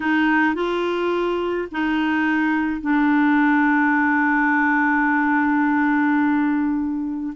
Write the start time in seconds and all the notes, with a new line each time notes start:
0.00 D#4
0.55 F4
1.71 D#4
2.80 D4